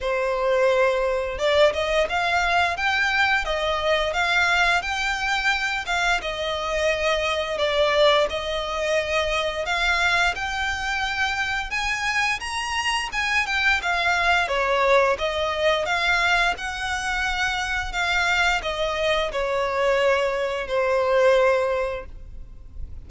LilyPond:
\new Staff \with { instrumentName = "violin" } { \time 4/4 \tempo 4 = 87 c''2 d''8 dis''8 f''4 | g''4 dis''4 f''4 g''4~ | g''8 f''8 dis''2 d''4 | dis''2 f''4 g''4~ |
g''4 gis''4 ais''4 gis''8 g''8 | f''4 cis''4 dis''4 f''4 | fis''2 f''4 dis''4 | cis''2 c''2 | }